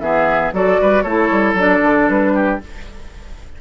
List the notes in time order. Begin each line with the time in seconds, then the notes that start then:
0.00 E3 B3 G#4 E5
0.53 F#3 F#4 A4 D5
0.81 G3 B4
1.03 A3 E4 A4 C#5
1.31 G3
1.54 F#3 D4 D5
1.83 D3
2.09 G3 B4
2.35 G4